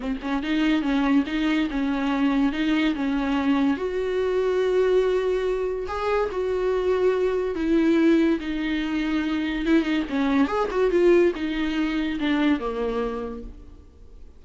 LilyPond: \new Staff \with { instrumentName = "viola" } { \time 4/4 \tempo 4 = 143 c'8 cis'8 dis'4 cis'4 dis'4 | cis'2 dis'4 cis'4~ | cis'4 fis'2.~ | fis'2 gis'4 fis'4~ |
fis'2 e'2 | dis'2. e'8 dis'8 | cis'4 gis'8 fis'8 f'4 dis'4~ | dis'4 d'4 ais2 | }